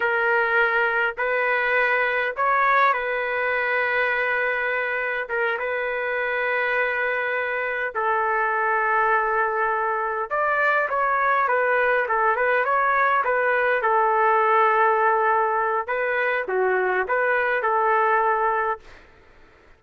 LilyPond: \new Staff \with { instrumentName = "trumpet" } { \time 4/4 \tempo 4 = 102 ais'2 b'2 | cis''4 b'2.~ | b'4 ais'8 b'2~ b'8~ | b'4. a'2~ a'8~ |
a'4. d''4 cis''4 b'8~ | b'8 a'8 b'8 cis''4 b'4 a'8~ | a'2. b'4 | fis'4 b'4 a'2 | }